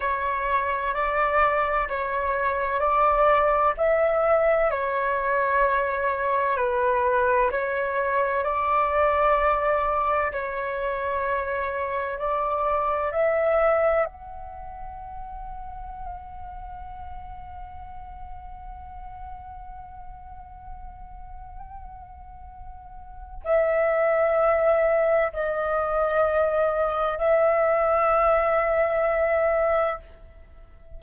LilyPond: \new Staff \with { instrumentName = "flute" } { \time 4/4 \tempo 4 = 64 cis''4 d''4 cis''4 d''4 | e''4 cis''2 b'4 | cis''4 d''2 cis''4~ | cis''4 d''4 e''4 fis''4~ |
fis''1~ | fis''1~ | fis''4 e''2 dis''4~ | dis''4 e''2. | }